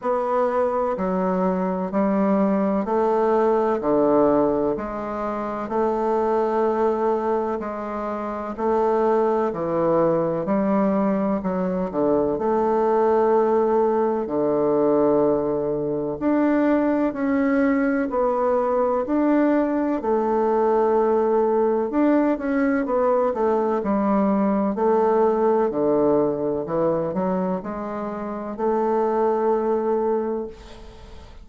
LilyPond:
\new Staff \with { instrumentName = "bassoon" } { \time 4/4 \tempo 4 = 63 b4 fis4 g4 a4 | d4 gis4 a2 | gis4 a4 e4 g4 | fis8 d8 a2 d4~ |
d4 d'4 cis'4 b4 | d'4 a2 d'8 cis'8 | b8 a8 g4 a4 d4 | e8 fis8 gis4 a2 | }